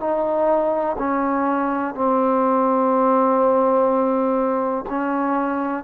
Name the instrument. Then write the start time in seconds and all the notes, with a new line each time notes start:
trombone
0.00 D#4
0.99 C#4
1.95 C4
4.90 C#4